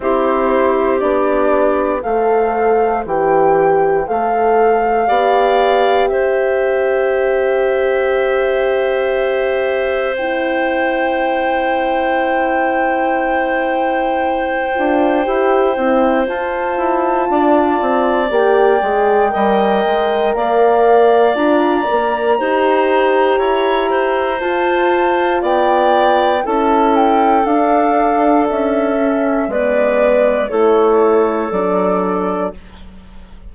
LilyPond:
<<
  \new Staff \with { instrumentName = "flute" } { \time 4/4 \tempo 4 = 59 c''4 d''4 f''4 g''4 | f''2 e''2~ | e''2 g''2~ | g''1 |
a''2 g''2 | f''4 ais''2. | a''4 g''4 a''8 g''8 f''4 | e''4 d''4 cis''4 d''4 | }
  \new Staff \with { instrumentName = "clarinet" } { \time 4/4 g'2 c''2~ | c''4 d''4 c''2~ | c''1~ | c''1~ |
c''4 d''2 dis''4 | d''2 c''4 cis''8 c''8~ | c''4 d''4 a'2~ | a'4 b'4 a'2 | }
  \new Staff \with { instrumentName = "horn" } { \time 4/4 e'4 d'4 a'4 g'4 | a'4 g'2.~ | g'2 e'2~ | e'2~ e'8 f'8 g'8 e'8 |
f'2 g'8 gis'8 ais'4~ | ais'4 f'8 ais'8 g'2 | f'2 e'4 d'4~ | d'8 cis'8 b4 e'4 d'4 | }
  \new Staff \with { instrumentName = "bassoon" } { \time 4/4 c'4 b4 a4 e4 | a4 b4 c'2~ | c'1~ | c'2~ c'8 d'8 e'8 c'8 |
f'8 e'8 d'8 c'8 ais8 gis8 g8 gis8 | ais4 d'8 ais8 dis'4 e'4 | f'4 b4 cis'4 d'4 | cis'4 gis4 a4 fis4 | }
>>